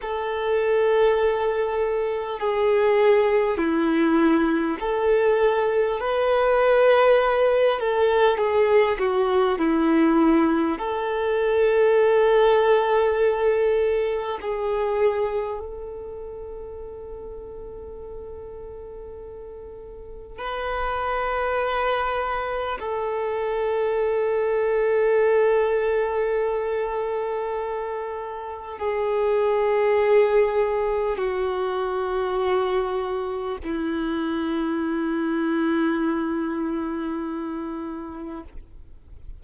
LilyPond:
\new Staff \with { instrumentName = "violin" } { \time 4/4 \tempo 4 = 50 a'2 gis'4 e'4 | a'4 b'4. a'8 gis'8 fis'8 | e'4 a'2. | gis'4 a'2.~ |
a'4 b'2 a'4~ | a'1 | gis'2 fis'2 | e'1 | }